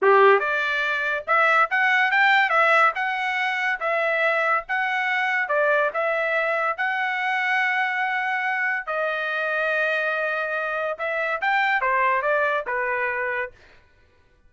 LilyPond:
\new Staff \with { instrumentName = "trumpet" } { \time 4/4 \tempo 4 = 142 g'4 d''2 e''4 | fis''4 g''4 e''4 fis''4~ | fis''4 e''2 fis''4~ | fis''4 d''4 e''2 |
fis''1~ | fis''4 dis''2.~ | dis''2 e''4 g''4 | c''4 d''4 b'2 | }